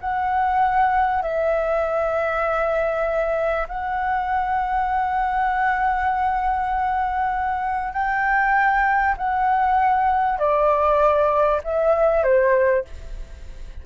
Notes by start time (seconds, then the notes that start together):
0.00 F#5
1.22 E5
3.68 F#5
7.93 G5
9.17 F#5
10.38 D5
11.63 E5
12.23 C5